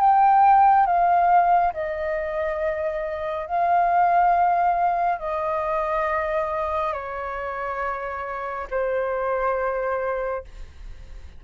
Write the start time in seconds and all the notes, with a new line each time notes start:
0.00 G5
0.86 F5
1.74 D#5
3.46 F5
5.19 D#5
6.93 C#5
8.70 C5